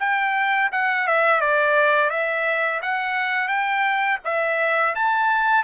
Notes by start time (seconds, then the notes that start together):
0.00 G5
0.73 F#5
1.07 E5
1.41 D5
2.10 E5
2.82 F#5
3.48 G5
4.25 E5
4.96 A5